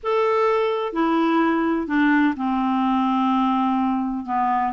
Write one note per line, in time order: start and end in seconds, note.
0.03 0.92 A4
0.92 1.87 E4
1.87 2.34 D4
2.36 4.25 C4
4.25 4.72 B3